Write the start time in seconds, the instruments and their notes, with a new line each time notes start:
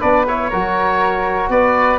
0.00 tuba B3, trombone D4, flute B4, oboe D5
0.28 trombone E4, oboe C#5
0.50 tuba F#3, trombone F#4, flute A#4
1.49 tuba B3, flute B4, oboe D5